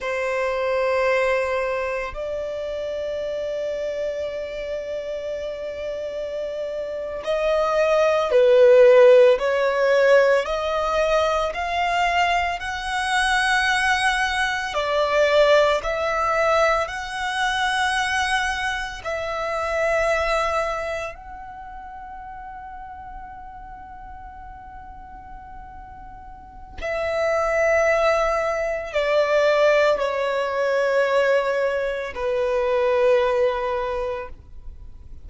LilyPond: \new Staff \with { instrumentName = "violin" } { \time 4/4 \tempo 4 = 56 c''2 d''2~ | d''2~ d''8. dis''4 b'16~ | b'8. cis''4 dis''4 f''4 fis''16~ | fis''4.~ fis''16 d''4 e''4 fis''16~ |
fis''4.~ fis''16 e''2 fis''16~ | fis''1~ | fis''4 e''2 d''4 | cis''2 b'2 | }